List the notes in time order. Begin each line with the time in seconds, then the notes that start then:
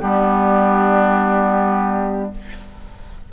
0.00 G3 B3 D4 G4